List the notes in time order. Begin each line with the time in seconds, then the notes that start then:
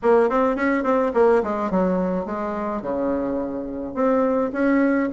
0.02 A#3
0.29 C4
0.55 C#4
0.83 C4
1.13 A#3
1.43 G#3
1.70 F#3
2.25 G#3
2.81 C#3
3.94 C4
4.52 C#4